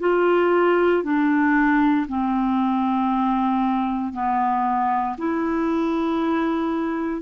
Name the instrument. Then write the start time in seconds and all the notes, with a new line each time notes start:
clarinet
0.00 F4
1.03 D4
2.08 C4
4.13 B3
5.18 E4